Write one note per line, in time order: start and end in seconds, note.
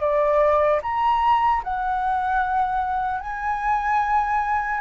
0.00 0.80 D5
0.83 1.63 A#5
1.64 3.20 F#5
3.20 4.80 G#5